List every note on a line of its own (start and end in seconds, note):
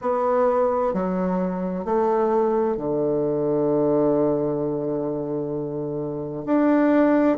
0.01 0.93 B3
0.93 1.85 F#3
1.85 2.77 A3
2.77 6.45 D3
6.45 7.37 D4